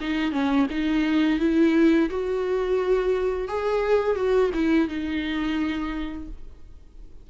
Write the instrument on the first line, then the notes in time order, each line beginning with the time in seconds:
viola
0.00 D#4
0.31 C#4
0.70 D#4
1.39 E4
2.10 F#4
3.48 G#4
4.15 F#4
4.53 E4
4.88 D#4